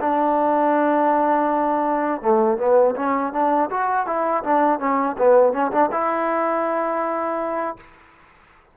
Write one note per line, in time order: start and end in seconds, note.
0.00 2.22 D4
2.22 2.58 A3
2.58 2.95 B3
2.96 3.33 C#4
3.33 3.70 D4
3.70 4.06 F#4
4.06 4.43 E4
4.43 4.79 D4
4.79 5.16 C#4
5.18 5.53 B3
5.53 5.71 C#4
5.71 5.90 D4
5.92 7.77 E4